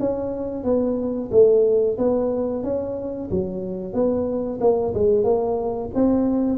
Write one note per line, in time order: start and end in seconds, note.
0.00 0.64 C#4
0.64 1.30 B3
1.32 1.98 A3
1.98 2.64 B3
2.64 3.30 C#4
3.31 3.94 F#3
3.94 4.60 B3
4.61 4.94 A#3
4.95 5.24 G#3
5.24 5.90 A#3
5.95 6.58 C4